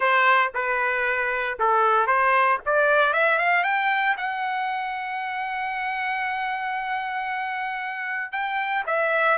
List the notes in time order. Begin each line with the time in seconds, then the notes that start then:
0.00 C5
0.54 B4
1.59 A4
2.06 C5
2.65 D5
3.13 E5
3.38 F5
3.63 G5
4.17 F#5
8.31 G5
8.86 E5